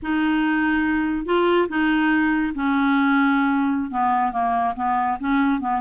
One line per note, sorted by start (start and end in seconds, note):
0.02 1.25 D#4
1.25 1.68 F4
1.68 2.53 D#4
2.54 3.90 C#4
3.90 4.32 B3
4.32 4.74 A#3
4.75 5.18 B3
5.20 5.60 C#4
5.60 5.81 B3